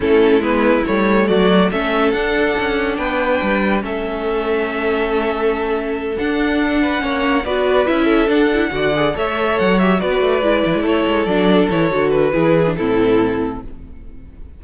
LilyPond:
<<
  \new Staff \with { instrumentName = "violin" } { \time 4/4 \tempo 4 = 141 a'4 b'4 cis''4 d''4 | e''4 fis''2 g''4~ | g''4 e''2.~ | e''2~ e''8 fis''4.~ |
fis''4. d''4 e''4 fis''8~ | fis''4. e''4 fis''8 e''8 d''8~ | d''4. cis''4 d''4 cis''8~ | cis''8 b'4. a'2 | }
  \new Staff \with { instrumentName = "violin" } { \time 4/4 e'2. fis'4 | a'2. b'4~ | b'4 a'2.~ | a'1 |
b'8 cis''4 b'4. a'4~ | a'8 d''4 cis''2 b'8~ | b'4. a'2~ a'8~ | a'4 gis'4 e'2 | }
  \new Staff \with { instrumentName = "viola" } { \time 4/4 cis'4 b4 a2 | cis'4 d'2.~ | d'4 cis'2.~ | cis'2~ cis'8 d'4.~ |
d'8 cis'4 fis'4 e'4 d'8 | e'8 fis'8 gis'8 a'4. g'8 fis'8~ | fis'8 e'2 d'4 e'8 | fis'4 e'8. d'16 c'2 | }
  \new Staff \with { instrumentName = "cello" } { \time 4/4 a4 gis4 g4 fis4 | a4 d'4 cis'4 b4 | g4 a2.~ | a2~ a8 d'4.~ |
d'8 ais4 b4 cis'4 d'8~ | d'8 d4 a4 fis4 b8 | a8 gis8 e16 gis16 a8 gis8 fis4 e8 | d4 e4 a,2 | }
>>